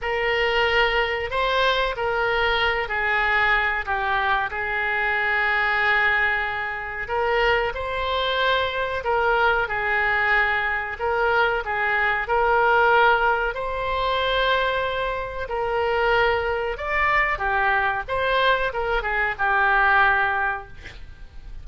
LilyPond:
\new Staff \with { instrumentName = "oboe" } { \time 4/4 \tempo 4 = 93 ais'2 c''4 ais'4~ | ais'8 gis'4. g'4 gis'4~ | gis'2. ais'4 | c''2 ais'4 gis'4~ |
gis'4 ais'4 gis'4 ais'4~ | ais'4 c''2. | ais'2 d''4 g'4 | c''4 ais'8 gis'8 g'2 | }